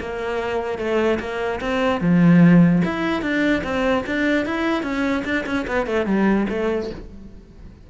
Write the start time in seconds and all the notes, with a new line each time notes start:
0.00 A#3
0.78 A3
1.20 A#3
1.61 C4
2.01 F3
2.85 E4
3.22 D4
3.64 C4
4.07 D4
4.45 E4
4.83 C#4
5.25 D4
5.46 C#4
5.67 B3
5.86 A3
6.06 G3
6.49 A3